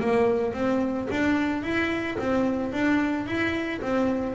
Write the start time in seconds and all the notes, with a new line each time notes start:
0.00 A#3
0.54 C4
1.11 D4
1.63 E4
2.19 C4
2.73 D4
3.26 E4
3.81 C4